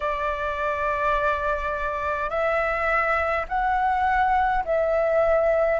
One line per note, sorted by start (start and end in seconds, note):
0.00 2.30 D5
2.30 3.45 E5
3.48 4.64 F#5
4.65 5.79 E5